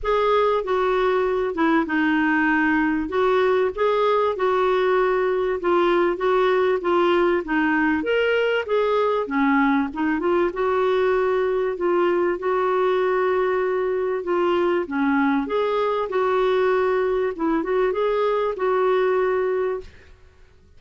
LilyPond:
\new Staff \with { instrumentName = "clarinet" } { \time 4/4 \tempo 4 = 97 gis'4 fis'4. e'8 dis'4~ | dis'4 fis'4 gis'4 fis'4~ | fis'4 f'4 fis'4 f'4 | dis'4 ais'4 gis'4 cis'4 |
dis'8 f'8 fis'2 f'4 | fis'2. f'4 | cis'4 gis'4 fis'2 | e'8 fis'8 gis'4 fis'2 | }